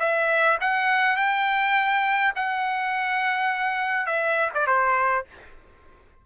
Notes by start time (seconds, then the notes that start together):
0.00 E5
0.61 F#5
1.17 G5
2.36 F#5
4.07 E5
4.55 D5
4.67 C5